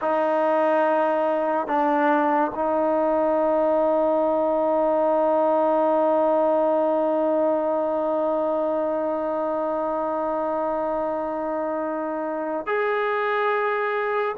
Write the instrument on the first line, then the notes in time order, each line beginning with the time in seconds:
trombone
0.01 D#4
1.67 D4
2.54 D#4
12.66 G#4